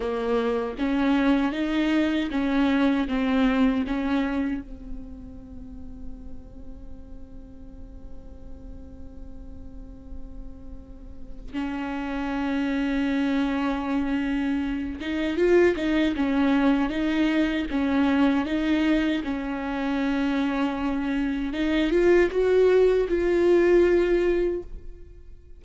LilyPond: \new Staff \with { instrumentName = "viola" } { \time 4/4 \tempo 4 = 78 ais4 cis'4 dis'4 cis'4 | c'4 cis'4 c'2~ | c'1~ | c'2. cis'4~ |
cis'2.~ cis'8 dis'8 | f'8 dis'8 cis'4 dis'4 cis'4 | dis'4 cis'2. | dis'8 f'8 fis'4 f'2 | }